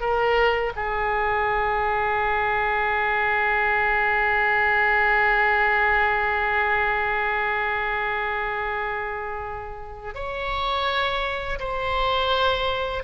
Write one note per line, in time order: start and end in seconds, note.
0.00 0.72 A#4
0.76 10.14 G#4
10.14 11.59 C#5
11.59 13.04 C5